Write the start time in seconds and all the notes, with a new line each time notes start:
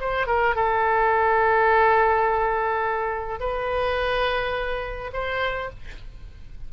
0.00 C5
0.26 A#4
0.55 A4
3.39 B4
5.13 C5